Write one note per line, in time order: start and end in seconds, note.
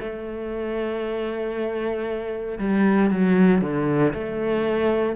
0.00 2.58 A3
2.58 3.10 G3
3.10 3.61 F#3
3.61 4.13 D3
4.13 5.15 A3